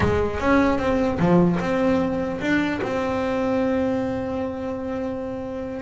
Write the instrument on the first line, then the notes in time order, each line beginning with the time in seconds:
double bass
0.00 G#3
0.40 C#4
0.78 C4
1.19 F3
1.59 C4
2.41 D4
2.81 C4